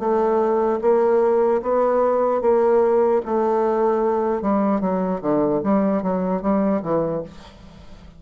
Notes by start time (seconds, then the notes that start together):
0.00 A3
0.82 A#3
1.63 B3
2.42 A#3
3.26 A3
4.42 G3
4.81 F#3
5.22 D3
5.64 G3
6.03 F#3
6.42 G3
6.83 E3